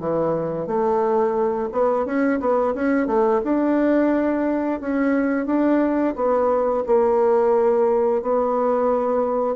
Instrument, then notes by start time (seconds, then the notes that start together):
bassoon
0.00 E3
0.67 A3
1.72 B3
2.06 C#4
2.40 B3
2.75 C#4
3.07 A3
3.44 D4
4.81 C#4
5.46 D4
6.16 B3
6.87 A#3
8.22 B3